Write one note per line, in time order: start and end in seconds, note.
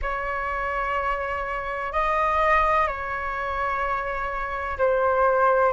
0.02 1.92 C#5
1.92 2.87 D#5
2.87 4.77 C#5
4.78 5.72 C5